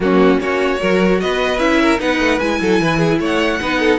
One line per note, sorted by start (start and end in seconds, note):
0.00 0.39 F#3
0.00 0.39 A#3
0.00 0.41 C#4
0.00 0.40 F#4
0.39 0.79 A#3
0.39 0.77 C#4
0.39 0.80 F#4
0.39 1.20 C#5
0.77 1.22 F#3
0.77 1.57 F#4
0.77 1.20 A#4
1.20 1.58 B3
1.20 1.81 B4
1.20 1.59 D#5
1.58 1.98 C#4
1.58 1.98 E4
1.58 1.99 E5
1.81 2.00 A#4
1.98 2.19 B3
1.98 2.38 D#4
1.98 2.60 B4
1.98 2.39 F#5
2.19 2.39 A3
2.39 2.60 G#3
2.39 3.61 E4
2.39 3.19 G#5
2.61 2.80 F#3
2.61 2.81 A4
2.80 3.19 E3
2.80 2.98 B4
2.98 3.18 G#4
3.19 3.59 A3
3.19 3.60 C#5
3.19 3.99 F#5
3.61 3.99 B3
3.61 3.99 D#4
3.61 3.79 B4
3.79 3.99 A4